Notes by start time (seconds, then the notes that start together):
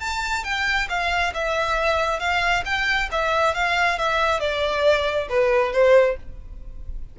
0.00 A5
0.44 G5
0.89 F5
1.34 E5
2.20 F5
2.65 G5
3.12 E5
3.55 F5
3.98 E5
4.40 D5
5.29 B4
5.73 C5